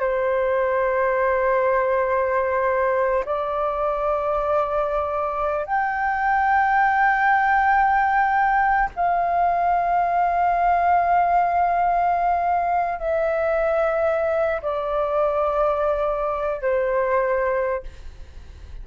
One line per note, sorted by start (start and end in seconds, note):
0.00 3.24 C5
3.25 5.65 D5
5.65 8.90 G5
8.96 12.99 F5
12.99 14.61 E5
14.62 16.61 D5
16.61 17.83 C5